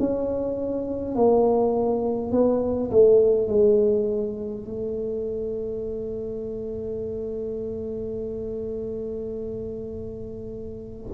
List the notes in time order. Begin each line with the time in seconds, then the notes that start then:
0.00 C#4
1.16 A#3
2.32 B3
2.91 A3
3.48 G#3
4.65 A3